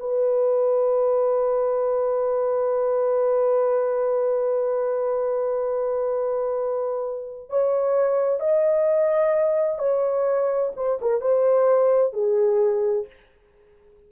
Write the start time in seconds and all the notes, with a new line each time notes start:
0.00 B4
7.50 C#5
8.40 D#5
9.79 C#5
10.76 C5
11.02 A#4
11.21 C5
12.13 G#4